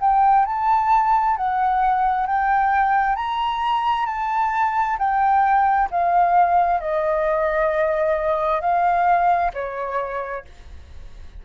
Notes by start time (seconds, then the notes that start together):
0.00 G5
0.46 A5
1.37 F#5
2.26 G5
3.16 A#5
4.06 A5
4.98 G5
5.90 F5
6.80 D#5
8.61 F5
9.54 C#5